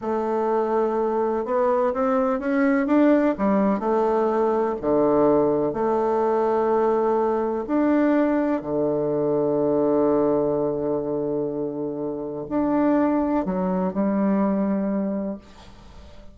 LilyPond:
\new Staff \with { instrumentName = "bassoon" } { \time 4/4 \tempo 4 = 125 a2. b4 | c'4 cis'4 d'4 g4 | a2 d2 | a1 |
d'2 d2~ | d1~ | d2 d'2 | fis4 g2. | }